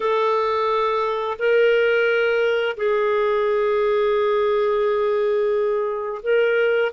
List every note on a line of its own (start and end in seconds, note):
0.00 1.37 A4
1.38 2.76 A#4
2.76 6.21 G#4
6.22 6.91 A#4